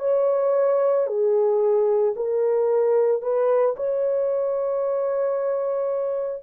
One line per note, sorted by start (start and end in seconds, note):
0.00 1.07 C#5
1.07 2.14 G#4
2.16 3.22 A#4
3.22 3.75 B4
3.76 6.43 C#5